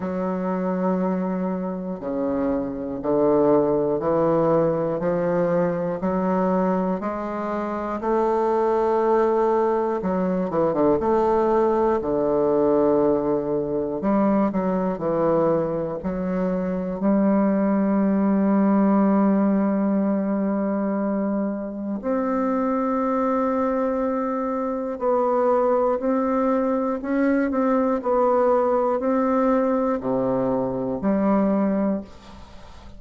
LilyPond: \new Staff \with { instrumentName = "bassoon" } { \time 4/4 \tempo 4 = 60 fis2 cis4 d4 | e4 f4 fis4 gis4 | a2 fis8 e16 d16 a4 | d2 g8 fis8 e4 |
fis4 g2.~ | g2 c'2~ | c'4 b4 c'4 cis'8 c'8 | b4 c'4 c4 g4 | }